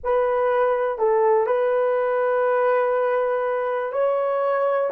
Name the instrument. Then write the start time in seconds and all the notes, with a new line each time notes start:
horn
0.03 B4
0.98 A4
1.46 B4
3.92 C#5